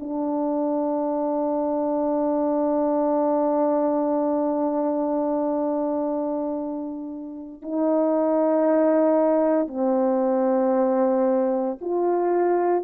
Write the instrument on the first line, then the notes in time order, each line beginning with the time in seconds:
horn
0.00 D4
7.63 D#4
9.68 C4
11.81 F4